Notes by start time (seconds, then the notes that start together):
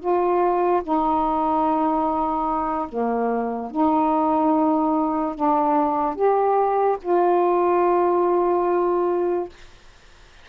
0.00 F4
0.83 D#4
2.89 A#3
3.71 D#4
5.35 D4
6.15 G4
7.02 F4